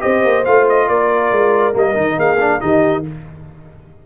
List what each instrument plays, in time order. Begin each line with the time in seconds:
0.00 tuba C4, trombone G4, horn C5, trumpet D#5
0.24 tuba A#3
0.45 tuba A3, trombone F4, trumpet F5
0.69 trumpet D#5
0.89 tuba A#3, horn A#4, trumpet D5
1.31 tuba G#3
1.73 tuba G3, trombone A#3, trumpet D#5
1.94 tuba D#3, trombone D#4
2.17 tuba A#3, horn G#4, trumpet F5
2.40 trombone D4
2.60 tuba D#3, trombone D#4, horn G4, trumpet D#5